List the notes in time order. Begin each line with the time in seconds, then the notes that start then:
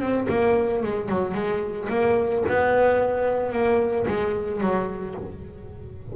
0.00 C4
0.29 A#3
0.83 G#3
1.09 F#3
1.34 G#3
1.89 A#3
2.48 B3
3.52 A#3
4.07 G#3
4.60 F#3